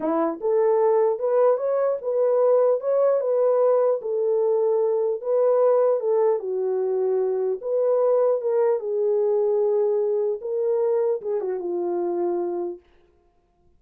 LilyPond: \new Staff \with { instrumentName = "horn" } { \time 4/4 \tempo 4 = 150 e'4 a'2 b'4 | cis''4 b'2 cis''4 | b'2 a'2~ | a'4 b'2 a'4 |
fis'2. b'4~ | b'4 ais'4 gis'2~ | gis'2 ais'2 | gis'8 fis'8 f'2. | }